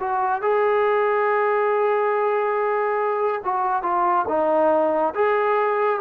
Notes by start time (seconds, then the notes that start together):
0.00 F#4
0.42 G#4
3.44 F#4
3.83 F4
4.28 D#4
5.15 G#4